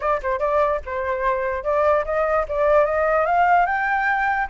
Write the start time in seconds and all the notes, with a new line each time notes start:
0.00 D5
0.22 C5
0.39 D5
0.85 C5
1.63 D5
2.05 D#5
2.48 D5
2.85 D#5
3.25 F5
3.65 G5